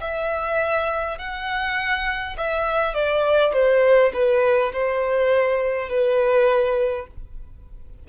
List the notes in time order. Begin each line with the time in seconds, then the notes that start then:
0.00 E5
1.18 F#5
2.37 E5
2.94 D5
3.53 C5
4.13 B4
4.73 C5
5.89 B4